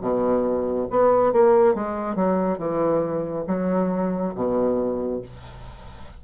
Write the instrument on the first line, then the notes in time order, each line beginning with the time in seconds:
bassoon
0.00 B2
0.90 B3
1.32 A#3
1.74 G#3
2.15 F#3
2.58 E3
3.47 F#3
4.35 B2